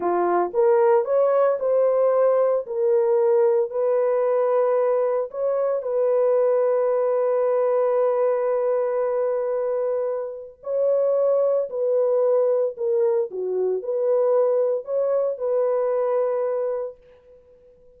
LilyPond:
\new Staff \with { instrumentName = "horn" } { \time 4/4 \tempo 4 = 113 f'4 ais'4 cis''4 c''4~ | c''4 ais'2 b'4~ | b'2 cis''4 b'4~ | b'1~ |
b'1 | cis''2 b'2 | ais'4 fis'4 b'2 | cis''4 b'2. | }